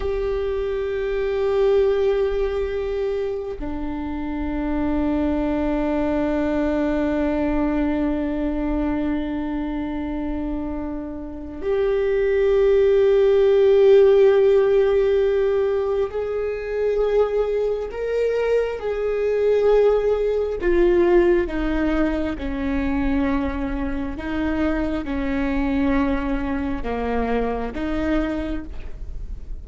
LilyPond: \new Staff \with { instrumentName = "viola" } { \time 4/4 \tempo 4 = 67 g'1 | d'1~ | d'1~ | d'4 g'2.~ |
g'2 gis'2 | ais'4 gis'2 f'4 | dis'4 cis'2 dis'4 | cis'2 ais4 dis'4 | }